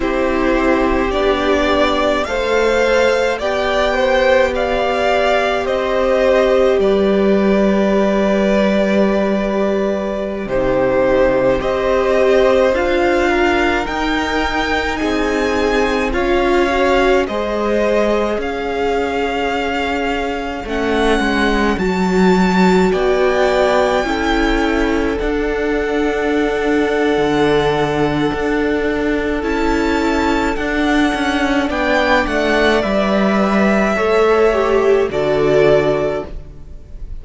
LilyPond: <<
  \new Staff \with { instrumentName = "violin" } { \time 4/4 \tempo 4 = 53 c''4 d''4 f''4 g''4 | f''4 dis''4 d''2~ | d''4~ d''16 c''4 dis''4 f''8.~ | f''16 g''4 gis''4 f''4 dis''8.~ |
dis''16 f''2 fis''4 a''8.~ | a''16 g''2 fis''4.~ fis''16~ | fis''2 a''4 fis''4 | g''8 fis''8 e''2 d''4 | }
  \new Staff \with { instrumentName = "violin" } { \time 4/4 g'2 c''4 d''8 c''8 | d''4 c''4 b'2~ | b'4~ b'16 g'4 c''4. ais'16~ | ais'4~ ais'16 gis'4 cis''4 c''8.~ |
c''16 cis''2.~ cis''8.~ | cis''16 d''4 a'2~ a'8.~ | a'1 | d''2 cis''4 a'4 | }
  \new Staff \with { instrumentName = "viola" } { \time 4/4 e'4 d'4 a'4 g'4~ | g'1~ | g'4~ g'16 dis'4 g'4 f'8.~ | f'16 dis'2 f'8 fis'8 gis'8.~ |
gis'2~ gis'16 cis'4 fis'8.~ | fis'4~ fis'16 e'4 d'4.~ d'16~ | d'2 e'4 d'4~ | d'4 b'4 a'8 g'8 fis'4 | }
  \new Staff \with { instrumentName = "cello" } { \time 4/4 c'4 b4 a4 b4~ | b4 c'4 g2~ | g4~ g16 c4 c'4 d'8.~ | d'16 dis'4 c'4 cis'4 gis8.~ |
gis16 cis'2 a8 gis8 fis8.~ | fis16 b4 cis'4 d'4.~ d'16 | d4 d'4 cis'4 d'8 cis'8 | b8 a8 g4 a4 d4 | }
>>